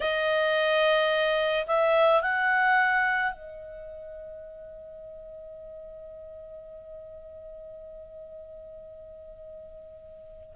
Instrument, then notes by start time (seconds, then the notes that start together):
clarinet
0.00 D#5
1.67 E5
2.22 F#5
3.32 D#5